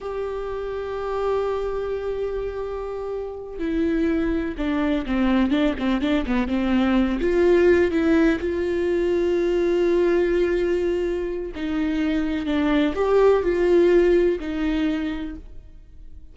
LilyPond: \new Staff \with { instrumentName = "viola" } { \time 4/4 \tempo 4 = 125 g'1~ | g'2.~ g'8 e'8~ | e'4. d'4 c'4 d'8 | c'8 d'8 b8 c'4. f'4~ |
f'8 e'4 f'2~ f'8~ | f'1 | dis'2 d'4 g'4 | f'2 dis'2 | }